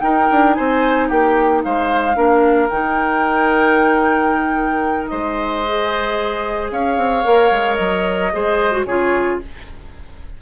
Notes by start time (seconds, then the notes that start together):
0.00 D#4 A#4 G5
0.31 D4
0.54 C4 C5 G#5
1.08 A#3 G4 G5
1.64 G#3 C5 F5
2.15 A#3 D4 A#4
2.69 D#3 D#4 G5
5.07 G#3 C5 D#5
5.65 G#4
6.71 C#4 C#5 F5
6.97 C4
7.24 A#3 A#4
7.51 G#3
7.75 F#3 D#5
8.32 G#3 G#4 C5
8.71 F#4
8.85 C#3 F4 G#4 C#5